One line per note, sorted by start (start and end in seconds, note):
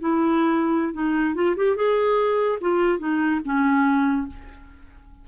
0.00 0.93 E4
0.93 1.34 D#4
1.35 1.55 F4
1.56 1.76 G4
1.76 2.59 G#4
2.61 2.99 F4
2.99 3.40 D#4
3.45 4.27 C#4